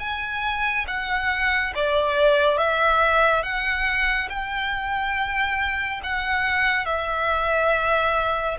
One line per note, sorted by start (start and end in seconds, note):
0.00 0.86 G#5
0.88 1.73 F#5
1.75 2.58 D5
2.58 3.43 E5
3.43 4.29 F#5
4.29 6.01 G5
6.04 6.86 F#5
6.86 8.57 E5